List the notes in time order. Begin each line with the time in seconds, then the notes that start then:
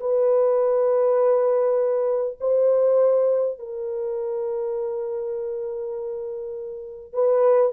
0.00 B4
2.40 C5
3.58 A#4
7.13 B4